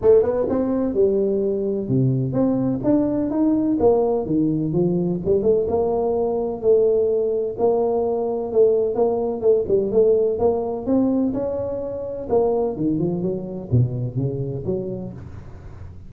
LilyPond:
\new Staff \with { instrumentName = "tuba" } { \time 4/4 \tempo 4 = 127 a8 b8 c'4 g2 | c4 c'4 d'4 dis'4 | ais4 dis4 f4 g8 a8 | ais2 a2 |
ais2 a4 ais4 | a8 g8 a4 ais4 c'4 | cis'2 ais4 dis8 f8 | fis4 b,4 cis4 fis4 | }